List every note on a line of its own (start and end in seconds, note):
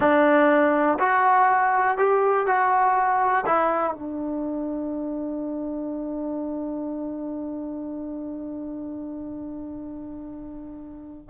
0.00 0.98 D4
0.99 1.97 F#4
1.97 2.46 G4
2.46 3.44 F#4
3.46 3.93 E4
3.93 11.29 D4